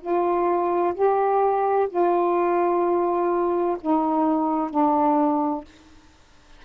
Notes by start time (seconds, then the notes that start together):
0.00 F4
0.94 G4
1.89 F4
3.81 D#4
4.70 D4